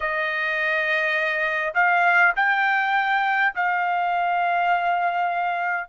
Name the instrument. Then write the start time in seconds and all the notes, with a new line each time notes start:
trumpet
0.00 D#5
1.74 F5
2.35 G5
3.55 F5